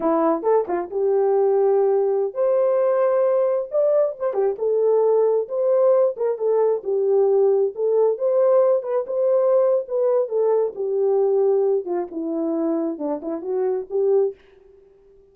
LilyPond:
\new Staff \with { instrumentName = "horn" } { \time 4/4 \tempo 4 = 134 e'4 a'8 f'8 g'2~ | g'4~ g'16 c''2~ c''8.~ | c''16 d''4 c''8 g'8 a'4.~ a'16~ | a'16 c''4. ais'8 a'4 g'8.~ |
g'4~ g'16 a'4 c''4. b'16~ | b'16 c''4.~ c''16 b'4 a'4 | g'2~ g'8 f'8 e'4~ | e'4 d'8 e'8 fis'4 g'4 | }